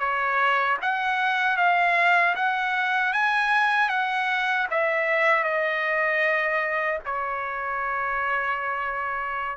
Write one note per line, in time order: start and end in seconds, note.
0.00 0.78 C#5
0.82 1.58 F#5
1.58 2.36 F5
2.36 3.13 F#5
3.13 3.90 G#5
3.90 4.68 F#5
4.71 5.44 E5
5.44 7.00 D#5
7.06 9.57 C#5